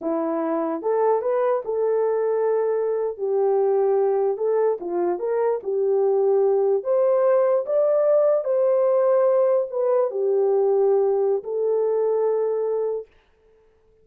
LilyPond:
\new Staff \with { instrumentName = "horn" } { \time 4/4 \tempo 4 = 147 e'2 a'4 b'4 | a'2.~ a'8. g'16~ | g'2~ g'8. a'4 f'16~ | f'8. ais'4 g'2~ g'16~ |
g'8. c''2 d''4~ d''16~ | d''8. c''2. b'16~ | b'8. g'2.~ g'16 | a'1 | }